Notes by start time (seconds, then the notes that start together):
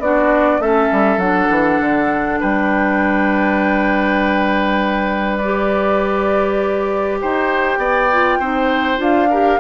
0.00 B3 D4 F#4 D5
0.59 A3 C#4 A4 E5
0.92 G3
1.18 F#3 D4 F#5
1.51 E3
1.81 D3
2.41 G3 B4 G5
5.38 G4 D5
7.21 D#4 C5 G5
7.78 B3 D5
8.13 F4
8.40 C4 D#4 C5
8.98 D4 F4 F5
9.31 G4 A#4